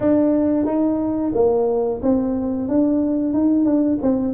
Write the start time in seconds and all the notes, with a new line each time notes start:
0.00 D4
0.65 D#4
1.34 A#3
2.02 C4
2.68 D4
3.33 D#4
3.65 D4
4.02 C4